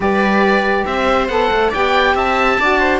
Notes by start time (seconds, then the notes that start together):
0.00 G3 G4 B4 D5
0.85 C4 C5 E5
1.27 B3 A4 F#5
1.51 A3
1.69 B3 G4 D5 G5
2.15 C4 E5 A5
2.59 D4 F#4 D5
2.79 C5